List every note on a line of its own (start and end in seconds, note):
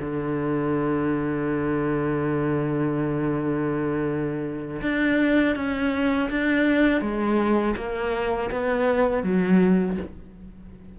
0.00 4.81 D3
4.82 5.56 D4
5.56 6.30 C#4
6.30 7.01 D4
7.01 7.75 G#3
7.77 8.51 A#3
8.51 9.23 B3
9.23 9.97 F#3